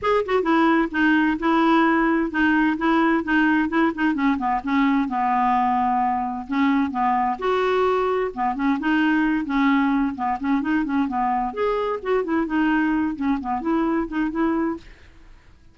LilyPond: \new Staff \with { instrumentName = "clarinet" } { \time 4/4 \tempo 4 = 130 gis'8 fis'8 e'4 dis'4 e'4~ | e'4 dis'4 e'4 dis'4 | e'8 dis'8 cis'8 b8 cis'4 b4~ | b2 cis'4 b4 |
fis'2 b8 cis'8 dis'4~ | dis'8 cis'4. b8 cis'8 dis'8 cis'8 | b4 gis'4 fis'8 e'8 dis'4~ | dis'8 cis'8 b8 e'4 dis'8 e'4 | }